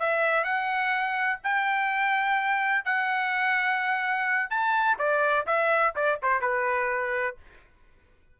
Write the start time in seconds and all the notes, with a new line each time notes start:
0.00 E5
0.44 F#5
1.44 G5
2.85 F#5
4.50 A5
4.98 D5
5.47 E5
5.96 D5
6.23 C5
6.42 B4